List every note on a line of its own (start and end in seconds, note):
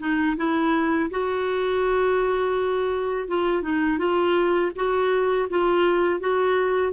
0.00 0.37 D#4
0.37 1.10 E4
1.11 3.28 F#4
3.28 3.63 F4
3.63 3.99 D#4
3.99 4.72 F4
4.76 5.49 F#4
5.50 6.20 F4
6.20 6.93 F#4